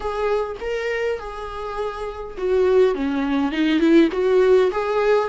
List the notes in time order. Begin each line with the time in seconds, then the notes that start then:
0.00 G#4
0.60 A#4
1.19 G#4
2.37 F#4
2.94 C#4
3.51 D#4
3.79 E4
4.12 F#4
4.71 G#4